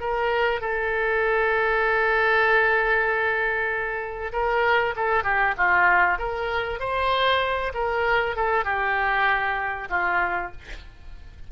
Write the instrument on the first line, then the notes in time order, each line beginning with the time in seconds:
oboe
0.00 A#4
0.61 A4
4.32 A#4
4.96 A4
5.23 G4
5.57 F4
6.18 A#4
6.80 C5
7.74 A#4
8.36 A4
8.64 G4
9.89 F4